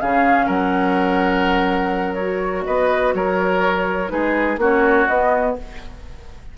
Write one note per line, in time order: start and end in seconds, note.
0.00 0.48 C#3
0.00 2.18 C#4
0.00 0.46 G#4
0.00 0.48 F5
0.46 2.65 F#3
0.46 2.63 A#4
0.46 2.14 F#5
2.14 4.08 F#4
2.14 2.62 C#5
2.65 3.13 B3
2.65 3.14 B4
2.65 3.13 D#5
3.13 4.10 F#3
3.13 4.11 A#4
3.13 4.09 C#5
4.08 4.57 G#3
4.08 4.56 D#4
4.08 4.60 G#4
4.08 4.58 B4
4.57 5.05 A#3
4.57 5.09 C#4
4.57 5.56 F#4
4.57 5.07 C#5
5.07 5.56 B3
5.07 5.57 B3
5.07 5.55 D#5